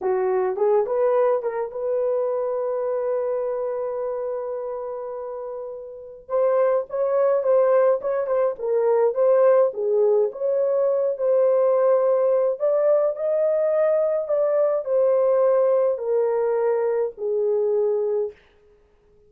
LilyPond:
\new Staff \with { instrumentName = "horn" } { \time 4/4 \tempo 4 = 105 fis'4 gis'8 b'4 ais'8 b'4~ | b'1~ | b'2. c''4 | cis''4 c''4 cis''8 c''8 ais'4 |
c''4 gis'4 cis''4. c''8~ | c''2 d''4 dis''4~ | dis''4 d''4 c''2 | ais'2 gis'2 | }